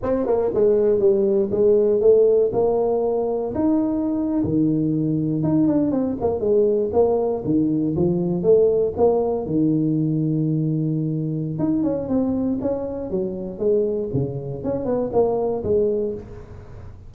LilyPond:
\new Staff \with { instrumentName = "tuba" } { \time 4/4 \tempo 4 = 119 c'8 ais8 gis4 g4 gis4 | a4 ais2 dis'4~ | dis'8. dis2 dis'8 d'8 c'16~ | c'16 ais8 gis4 ais4 dis4 f16~ |
f8. a4 ais4 dis4~ dis16~ | dis2. dis'8 cis'8 | c'4 cis'4 fis4 gis4 | cis4 cis'8 b8 ais4 gis4 | }